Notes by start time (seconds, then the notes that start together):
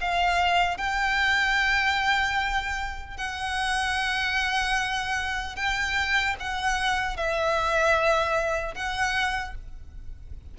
0.00 F5
0.77 G5
3.17 F#5
5.55 G5
6.40 F#5
7.16 E5
8.75 F#5